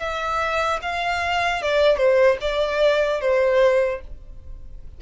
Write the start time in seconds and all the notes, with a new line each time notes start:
0.00 E5
0.83 F5
1.63 D5
1.98 C5
2.41 D5
3.21 C5